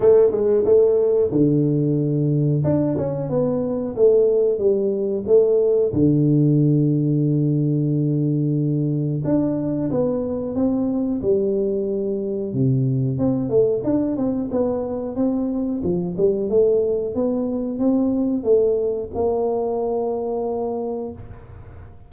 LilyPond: \new Staff \with { instrumentName = "tuba" } { \time 4/4 \tempo 4 = 91 a8 gis8 a4 d2 | d'8 cis'8 b4 a4 g4 | a4 d2.~ | d2 d'4 b4 |
c'4 g2 c4 | c'8 a8 d'8 c'8 b4 c'4 | f8 g8 a4 b4 c'4 | a4 ais2. | }